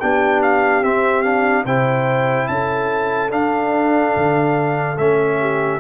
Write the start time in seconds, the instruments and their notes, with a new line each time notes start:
0.00 tuba B3, trombone D4, horn G4, trumpet G5
0.42 trumpet F5
0.82 tuba C4, trombone C4, trumpet E5
1.22 trombone D4, trumpet F5
1.65 tuba C3, trombone E4, horn C5, trumpet G5
2.47 tuba C#4, horn A4, trumpet A5
3.30 trombone D4, tuba D4, trumpet F5
4.16 tuba D3
4.98 tuba A3, trombone C#4, trumpet E5
5.40 horn G4